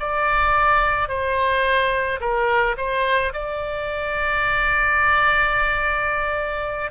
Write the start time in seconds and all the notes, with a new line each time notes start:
0.00 D5
1.09 C5
2.21 A#4
2.77 C5
3.33 D5